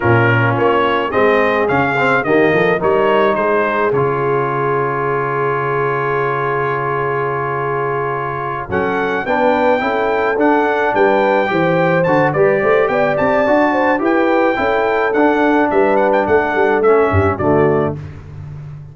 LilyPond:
<<
  \new Staff \with { instrumentName = "trumpet" } { \time 4/4 \tempo 4 = 107 ais'4 cis''4 dis''4 f''4 | dis''4 cis''4 c''4 cis''4~ | cis''1~ | cis''2.~ cis''8 fis''8~ |
fis''8 g''2 fis''4 g''8~ | g''4. a''8 d''4 g''8 a''8~ | a''4 g''2 fis''4 | e''8 fis''16 g''16 fis''4 e''4 d''4 | }
  \new Staff \with { instrumentName = "horn" } { \time 4/4 f'2 gis'2 | g'8 a'8 ais'4 gis'2~ | gis'1~ | gis'2.~ gis'8 a'8~ |
a'8 b'4 a'2 b'8~ | b'8 c''4. b'8 c''8 d''4~ | d''8 c''8 b'4 a'2 | b'4 a'4. g'8 fis'4 | }
  \new Staff \with { instrumentName = "trombone" } { \time 4/4 cis'2 c'4 cis'8 c'8 | ais4 dis'2 f'4~ | f'1~ | f'2.~ f'8 cis'8~ |
cis'8 d'4 e'4 d'4.~ | d'8 g'4 fis'8 g'2 | fis'4 g'4 e'4 d'4~ | d'2 cis'4 a4 | }
  \new Staff \with { instrumentName = "tuba" } { \time 4/4 ais,4 ais4 gis4 cis4 | dis8 f8 g4 gis4 cis4~ | cis1~ | cis2.~ cis8 fis8~ |
fis8 b4 cis'4 d'4 g8~ | g8 e4 d8 g8 a8 b8 c'8 | d'4 e'4 cis'4 d'4 | g4 a8 g8 a8 g,8 d4 | }
>>